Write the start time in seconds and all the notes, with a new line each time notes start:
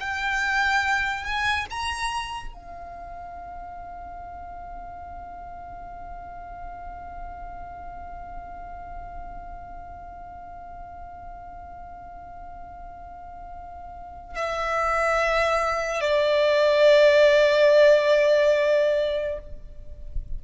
0.00 G5
1.24 G#5
1.70 A#5
2.54 F5
14.35 E5
16.01 D5